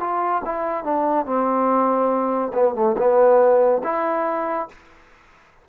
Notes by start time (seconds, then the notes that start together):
0.00 F4
0.45 E4
0.84 D4
1.26 C4
2.54 B3
2.75 A3
2.98 B3
3.84 E4